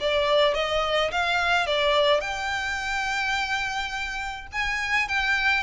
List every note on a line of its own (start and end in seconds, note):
0.00 0.54 D5
0.54 1.11 D#5
1.11 1.66 F5
1.66 2.20 D5
2.20 4.47 G5
4.52 5.08 G#5
5.08 5.63 G5